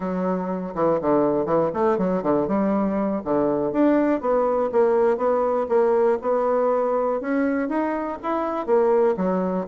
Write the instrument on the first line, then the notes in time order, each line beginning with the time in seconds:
bassoon
0.00 F#3
0.75 E3
1.01 D3
1.45 E3
1.73 A3
1.98 F#3
2.22 D3
2.47 G3
3.24 D3
3.72 D4
4.20 B3
4.72 A#3
5.17 B3
5.68 A#3
6.21 B3
7.20 C#4
7.69 D#4
8.22 E4
8.66 A#3
9.16 F#3